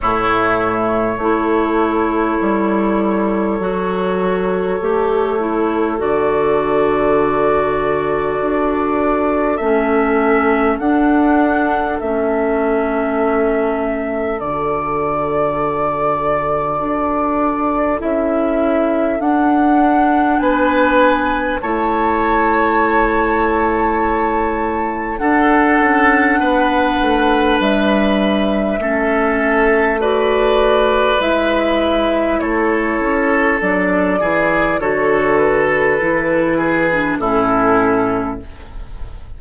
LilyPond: <<
  \new Staff \with { instrumentName = "flute" } { \time 4/4 \tempo 4 = 50 cis''1~ | cis''4 d''2. | e''4 fis''4 e''2 | d''2. e''4 |
fis''4 gis''4 a''2~ | a''4 fis''2 e''4~ | e''4 d''4 e''4 cis''4 | d''4 cis''8 b'4. a'4 | }
  \new Staff \with { instrumentName = "oboe" } { \time 4/4 e'4 a'2.~ | a'1~ | a'1~ | a'1~ |
a'4 b'4 cis''2~ | cis''4 a'4 b'2 | a'4 b'2 a'4~ | a'8 gis'8 a'4. gis'8 e'4 | }
  \new Staff \with { instrumentName = "clarinet" } { \time 4/4 a4 e'2 fis'4 | g'8 e'8 fis'2. | cis'4 d'4 cis'2 | fis'2. e'4 |
d'2 e'2~ | e'4 d'2. | cis'4 fis'4 e'2 | d'8 e'8 fis'4 e'8. d'16 cis'4 | }
  \new Staff \with { instrumentName = "bassoon" } { \time 4/4 a,4 a4 g4 fis4 | a4 d2 d'4 | a4 d'4 a2 | d2 d'4 cis'4 |
d'4 b4 a2~ | a4 d'8 cis'8 b8 a8 g4 | a2 gis4 a8 cis'8 | fis8 e8 d4 e4 a,4 | }
>>